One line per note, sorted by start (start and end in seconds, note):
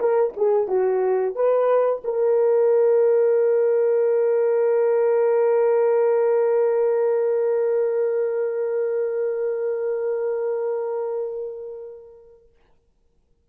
0.00 0.34 A#4
0.37 0.68 G#4
0.68 1.36 F#4
1.36 2.03 B4
2.05 12.50 A#4